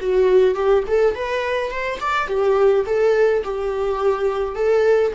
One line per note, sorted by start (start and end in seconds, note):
0.00 0.55 F#4
0.55 0.83 G4
0.87 1.14 A4
1.14 1.70 B4
1.70 1.99 C5
2.00 2.27 D5
2.27 2.84 G4
2.86 3.43 A4
3.44 4.55 G4
4.55 5.12 A4